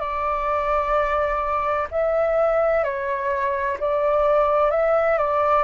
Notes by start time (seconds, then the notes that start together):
0.00 D5
1.91 E5
2.84 C#5
3.80 D5
4.71 E5
5.18 D5